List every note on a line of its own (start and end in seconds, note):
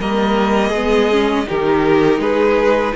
0.00 0.71 G3
0.00 0.74 A#3
0.00 0.69 A#4
0.00 1.48 D#5
0.69 1.45 G#3
0.69 1.11 B3
0.69 1.43 G#4
1.11 1.45 C#4
1.45 2.18 D#3
1.45 2.93 D#4
1.45 2.20 G4
1.45 2.20 A#4
2.18 2.92 G#3
2.18 2.94 G#4
2.18 2.94 B4